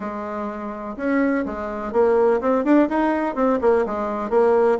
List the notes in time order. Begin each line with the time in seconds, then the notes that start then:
0.00 G#3
0.96 C#4
1.45 G#3
1.92 A#3
2.40 C4
2.64 D4
2.89 D#4
3.35 C4
3.61 A#3
3.85 G#3
4.30 A#3